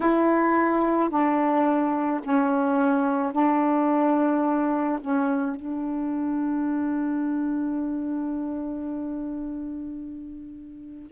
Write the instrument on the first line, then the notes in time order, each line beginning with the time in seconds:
saxophone
0.00 E4
1.09 D4
2.23 C#4
3.32 D4
5.00 C#4
5.56 D4